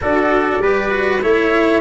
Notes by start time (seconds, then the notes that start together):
0.01 D4 F#4 A4 D5
0.58 G3 G4 B4
0.90 F#4
1.21 A3 E4 C#5 E5